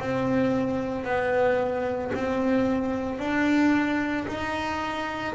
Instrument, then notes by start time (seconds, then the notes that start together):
double bass
0.00 C4
1.05 B3
2.15 C4
3.19 D4
4.28 D#4